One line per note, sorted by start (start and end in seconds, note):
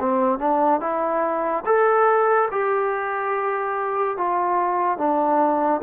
0.00 0.39 C4
0.39 0.81 D4
0.81 1.64 E4
1.66 2.49 A4
2.52 4.17 G4
4.17 4.98 F4
4.98 5.81 D4